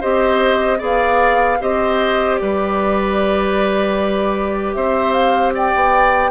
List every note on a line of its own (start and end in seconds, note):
0.00 0.81 C4
0.00 0.78 G4
0.00 0.78 C5
0.00 0.80 D#5
0.78 1.60 B3
0.78 1.57 G#4
0.78 1.57 D5
0.78 1.62 F5
1.60 2.40 C4
1.60 6.31 G4
1.60 2.40 C5
1.60 2.35 D#5
2.35 4.75 G3
2.35 4.76 B4
2.35 4.72 D5
4.73 5.74 C4
4.73 5.54 C5
4.73 5.12 E5
5.12 5.51 F5
5.54 6.31 D5
5.54 6.31 G5
5.75 6.31 B3